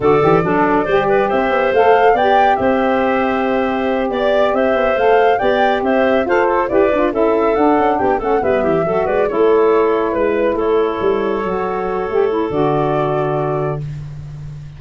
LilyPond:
<<
  \new Staff \with { instrumentName = "flute" } { \time 4/4 \tempo 4 = 139 d''2. e''4 | f''4 g''4 e''2~ | e''4. d''4 e''4 f''8~ | f''8 g''4 e''4 c''4 d''8~ |
d''8 e''4 fis''4 g''8 fis''8 e''8~ | e''4 d''8 cis''2 b'8~ | b'8 cis''2.~ cis''8~ | cis''4 d''2. | }
  \new Staff \with { instrumentName = "clarinet" } { \time 4/4 a'4 d'4 c''8 b'8 c''4~ | c''4 d''4 c''2~ | c''4. d''4 c''4.~ | c''8 d''4 c''4 f''8 a'8 b'8~ |
b'8 a'2 g'8 a'8 b'8 | g'8 a'8 b'8 a'2 b'8~ | b'8 a'2.~ a'8~ | a'1 | }
  \new Staff \with { instrumentName = "saxophone" } { \time 4/4 fis'8 g'8 a'4 g'2 | a'4 g'2.~ | g'2.~ g'8 a'8~ | a'8 g'2 a'4 g'8 |
f'8 e'4 d'4. cis'8 b8~ | b8 fis'4 e'2~ e'8~ | e'2~ e'8 fis'4. | g'8 e'8 fis'2. | }
  \new Staff \with { instrumentName = "tuba" } { \time 4/4 d8 e8 fis4 g4 c'8 b8 | a4 b4 c'2~ | c'4. b4 c'8 b8 a8~ | a8 b4 c'4 f'4 e'8 |
d'8 cis'4 d'8 cis'8 b8 a8 g8 | e8 fis8 gis8 a2 gis8~ | gis8 a4 g4 fis4. | a4 d2. | }
>>